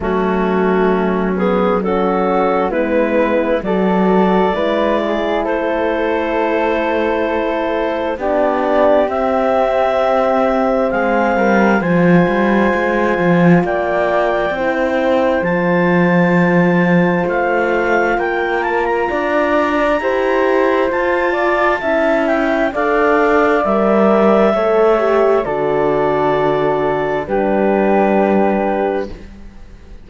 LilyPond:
<<
  \new Staff \with { instrumentName = "clarinet" } { \time 4/4 \tempo 4 = 66 fis'4. gis'8 a'4 b'4 | d''2 c''2~ | c''4 d''4 e''2 | f''4 gis''2 g''4~ |
g''4 a''2 f''4 | g''8 a''16 ais''2~ ais''16 a''4~ | a''8 g''8 f''4 e''2 | d''2 b'2 | }
  \new Staff \with { instrumentName = "flute" } { \time 4/4 cis'2 fis'4 e'4 | a'4 b'8 gis'8 a'2~ | a'4 g'2. | gis'8 ais'8 c''2 d''4 |
c''1 | ais'4 d''4 c''4. d''8 | e''4 d''2 cis''4 | a'2 g'2 | }
  \new Staff \with { instrumentName = "horn" } { \time 4/4 a4. b8 cis'4 b4 | fis'4 e'2.~ | e'4 d'4 c'2~ | c'4 f'2. |
e'4 f'2.~ | f'2 g'4 f'4 | e'4 a'4 ais'4 a'8 g'8 | fis'2 d'2 | }
  \new Staff \with { instrumentName = "cello" } { \time 4/4 fis2. gis4 | fis4 gis4 a2~ | a4 b4 c'2 | gis8 g8 f8 g8 gis8 f8 ais4 |
c'4 f2 a4 | ais4 d'4 e'4 f'4 | cis'4 d'4 g4 a4 | d2 g2 | }
>>